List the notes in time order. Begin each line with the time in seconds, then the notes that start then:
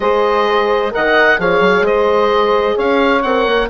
0.00 G#3 G#4 C5 D#5
0.91 D#3 A#4 D#5 F#5
1.39 F3 G#4 C#5 F5
1.60 F#3
1.81 G#3 C5 D#5
2.75 C#4 C#5 F5
3.22 C4 A#4 F#5
3.46 A#3